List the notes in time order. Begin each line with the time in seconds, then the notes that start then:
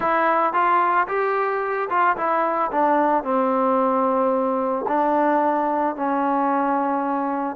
0.00 E4
0.53 F4
1.07 G4
1.89 F4
2.16 E4
2.71 D4
3.23 C4
4.87 D4
5.96 C#4